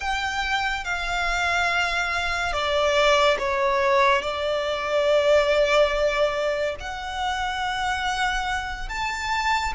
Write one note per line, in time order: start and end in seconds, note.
0.00 0.84 G5
0.84 2.52 F5
2.52 3.37 D5
3.38 4.22 C#5
4.22 6.75 D5
6.80 8.88 F#5
8.88 9.73 A5